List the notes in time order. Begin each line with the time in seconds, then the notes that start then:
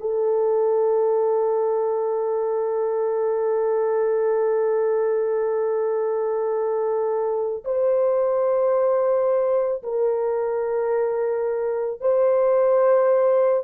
0.00 A4
7.64 C5
9.83 A#4
12.00 C5